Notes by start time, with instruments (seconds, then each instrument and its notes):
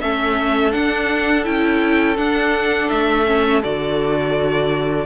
0.00 cello A3, viola C#4, violin A4 E5
0.71 viola D4, cello D4, violin F#5
1.43 cello C#4, viola E4, violin G5
2.17 cello D4, viola D4, violin F#5
2.89 cello A3, violin E5
3.25 viola C#4
3.63 cello D3, viola F#4, violin D5